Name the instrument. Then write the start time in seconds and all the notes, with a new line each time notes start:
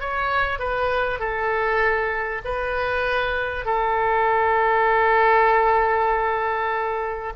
oboe
0.00 C#5
0.59 B4
1.19 A4
2.44 B4
3.65 A4